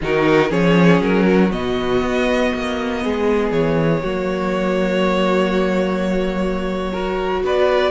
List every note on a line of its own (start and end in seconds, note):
0.01 0.51 D#3
0.01 0.49 D#4
0.01 0.49 F#4
0.01 0.51 A#4
0.49 1.01 F3
0.49 1.50 C#4
0.49 1.25 G#4
0.49 1.01 C#5
1.01 1.51 F#3
1.01 1.51 A#4
1.26 3.03 F#4
1.51 2.01 B2
1.51 4.03 B3
1.51 3.52 D#5
2.01 2.52 B3
2.54 3.04 A#3
3.03 3.51 G#3
3.03 4.02 G#4
3.51 4.02 E3
3.51 7.42 C#5
4.02 7.43 F#3
4.02 6.93 A#3
4.02 6.92 F#4
6.92 7.90 F#4
6.92 7.42 A#4
7.43 7.90 B3
7.43 7.90 B4
7.43 7.90 D5